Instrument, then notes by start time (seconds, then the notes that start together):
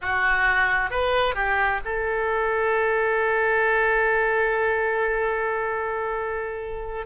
oboe
0.01 F#4
0.90 B4
1.34 G4
1.84 A4